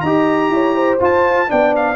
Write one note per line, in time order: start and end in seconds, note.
0.00 0.49 D#4
0.00 0.99 G4
0.00 0.51 D#5
0.00 0.97 A#5
0.49 0.98 E4
0.49 0.75 C#5
0.75 1.48 C5
0.99 1.47 F4
0.99 1.49 F4
0.99 1.50 A5
1.47 1.96 B3
1.47 1.96 D4
1.47 1.96 D5
1.47 1.74 G5
1.76 1.96 F5